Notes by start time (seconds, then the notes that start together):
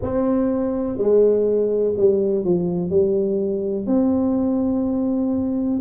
0.01 C4
0.97 G#3
1.96 G3
2.44 F3
2.90 G3
3.86 C4